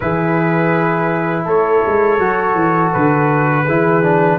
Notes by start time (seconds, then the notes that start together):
0.00 E3 E4 G#4 B4
1.44 A3 A4 C#5
1.86 G#3
2.18 F#3 F#4
2.54 E3
2.92 D3 B4
3.64 E3 E4 G#4
4.03 D4